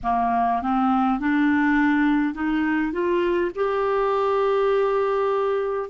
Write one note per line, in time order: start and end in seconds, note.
0.03 0.61 A#3
0.61 1.19 C4
1.19 2.34 D4
2.34 2.92 D#4
2.92 3.51 F4
3.55 5.89 G4